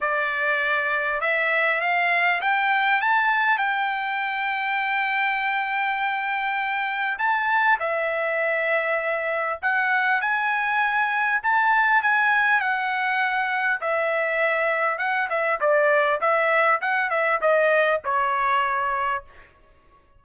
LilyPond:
\new Staff \with { instrumentName = "trumpet" } { \time 4/4 \tempo 4 = 100 d''2 e''4 f''4 | g''4 a''4 g''2~ | g''1 | a''4 e''2. |
fis''4 gis''2 a''4 | gis''4 fis''2 e''4~ | e''4 fis''8 e''8 d''4 e''4 | fis''8 e''8 dis''4 cis''2 | }